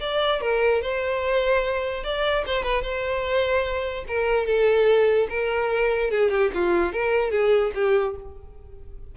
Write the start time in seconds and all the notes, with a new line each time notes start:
0.00 D5
0.41 A#4
0.82 C5
2.04 D5
2.46 C5
2.63 B4
2.82 C5
4.08 A#4
4.46 A4
5.29 A#4
6.10 G#4
6.30 G4
6.54 F4
6.92 A#4
7.31 G#4
7.74 G4